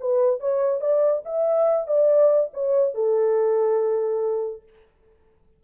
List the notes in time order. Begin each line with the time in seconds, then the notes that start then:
0.00 B4
0.40 C#5
0.81 D5
1.25 E5
1.87 D5
2.54 C#5
2.94 A4